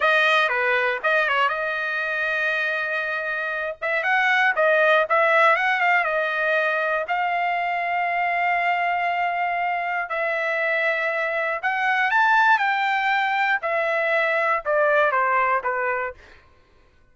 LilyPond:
\new Staff \with { instrumentName = "trumpet" } { \time 4/4 \tempo 4 = 119 dis''4 b'4 dis''8 cis''8 dis''4~ | dis''2.~ dis''8 e''8 | fis''4 dis''4 e''4 fis''8 f''8 | dis''2 f''2~ |
f''1 | e''2. fis''4 | a''4 g''2 e''4~ | e''4 d''4 c''4 b'4 | }